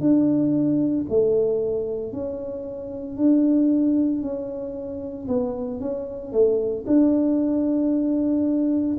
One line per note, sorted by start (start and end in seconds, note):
0.00 1.05 D4
1.09 2.12 A3
2.12 3.17 C#4
3.17 4.22 D4
4.22 5.27 C#4
5.28 5.80 B3
5.80 6.32 C#4
6.32 6.85 A3
6.87 8.97 D4